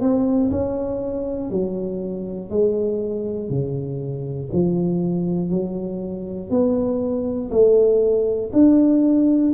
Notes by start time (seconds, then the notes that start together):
0.00 C4
0.50 C#4
1.50 F#3
2.50 G#3
3.50 C#3
4.52 F3
5.50 F#3
6.50 B3
7.50 A3
8.52 D4